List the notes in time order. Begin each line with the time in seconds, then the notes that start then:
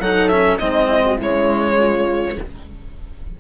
0.00 F#3 D#4 A4 F#5
0.28 C#4 E5
0.59 G#3 C4 D#4 D#5
0.88 E4
1.06 F#4
1.16 C#3 G#3 E4
1.23 C#5
1.78 F4